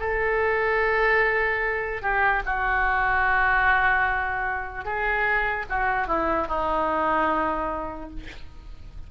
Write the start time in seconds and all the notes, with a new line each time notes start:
0.00 A4
2.02 G4
2.45 F#4
4.85 G#4
5.69 F#4
6.07 E4
6.48 D#4